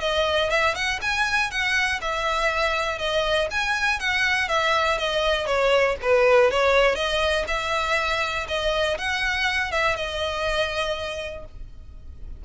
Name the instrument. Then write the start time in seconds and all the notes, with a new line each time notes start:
violin
0.00 D#5
0.50 E5
0.74 F#5
1.01 G#5
1.50 F#5
2.01 E5
2.98 D#5
3.50 G#5
3.99 F#5
4.48 E5
4.97 D#5
5.46 C#5
6.01 B4
6.50 C#5
6.95 D#5
7.47 E5
8.48 D#5
8.97 F#5
9.71 E5
9.96 D#5